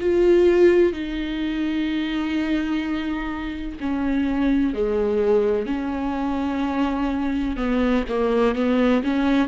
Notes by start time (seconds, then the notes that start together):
0.00 F4
0.92 D#4
3.80 C#4
4.73 G#3
5.66 C#4
7.56 B3
8.08 A#3
8.55 B3
9.03 C#4